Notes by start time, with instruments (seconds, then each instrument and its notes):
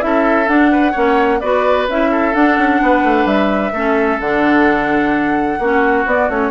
0.00 bassoon C#4, clarinet E4, oboe A4, flute E5
0.48 bassoon D4, clarinet D4, flute F#5
0.72 oboe B4
0.92 bassoon A#3, clarinet C#4, oboe C#5
1.40 bassoon B3, clarinet F#4, oboe B4, flute D5
1.88 bassoon C#4, clarinet E4, flute E5
2.11 oboe A4
2.34 clarinet D4, bassoon D4, flute F#5
2.58 bassoon C#4
2.82 bassoon B3, oboe B4
3.04 bassoon A3
3.25 bassoon G3, flute E5
3.73 bassoon A3, clarinet C#4, oboe A4
4.20 bassoon D3, clarinet D4, flute F#5
5.59 bassoon A#3, clarinet C#4, oboe F#4
6.06 bassoon B3, clarinet B3, flute D5
6.29 bassoon A3, clarinet C#4, flute C#5